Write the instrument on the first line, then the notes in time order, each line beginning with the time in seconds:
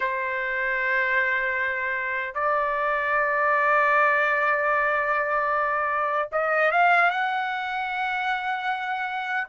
trumpet
0.00 C5
2.34 D5
6.32 D#5
6.71 F5
7.10 F#5